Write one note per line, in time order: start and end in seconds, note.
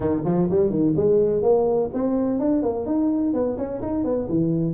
0.00 0.22 D#3
0.24 0.48 F3
0.50 0.69 G3
0.69 0.93 D#3
0.96 1.42 G#3
1.42 1.89 A#3
1.93 2.39 C4
2.39 2.62 D4
2.62 2.85 A#3
2.85 3.33 D#4
3.33 3.57 B3
3.57 3.81 C#4
3.81 4.04 D#4
4.04 4.28 B3
4.29 4.73 E3